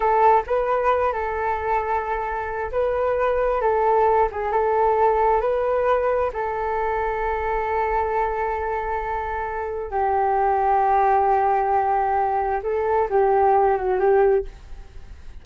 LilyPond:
\new Staff \with { instrumentName = "flute" } { \time 4/4 \tempo 4 = 133 a'4 b'4. a'4.~ | a'2 b'2 | a'4. gis'8 a'2 | b'2 a'2~ |
a'1~ | a'2 g'2~ | g'1 | a'4 g'4. fis'8 g'4 | }